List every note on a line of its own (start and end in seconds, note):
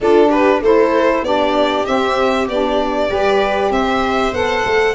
0.00 0.60 D4
0.00 0.62 D4
0.00 0.27 F4
0.00 0.30 A4
0.27 0.58 G4
0.27 0.61 B4
0.60 1.22 A3
0.60 1.25 E4
0.60 1.26 A4
0.60 1.24 C5
1.22 1.84 B3
1.22 1.85 D4
1.22 3.09 G4
1.22 1.85 D5
1.85 2.47 C4
1.85 2.48 C4
1.85 2.47 E5
2.48 3.10 B3
2.48 3.09 D4
2.48 3.72 D5
3.09 3.70 G3
3.09 4.32 G4
3.09 3.71 B4
3.70 4.32 C4
3.70 4.95 C5
3.70 4.34 E5
4.32 4.63 B3
4.32 4.95 A4
4.32 4.95 F#5
4.65 4.95 A3